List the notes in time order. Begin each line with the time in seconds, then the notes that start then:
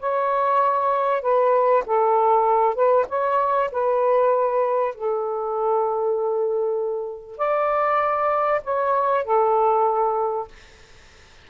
0.00 C#5
1.22 B4
1.86 A4
2.75 B4
3.09 C#5
3.72 B4
4.95 A4
7.38 D5
8.64 C#5
9.25 A4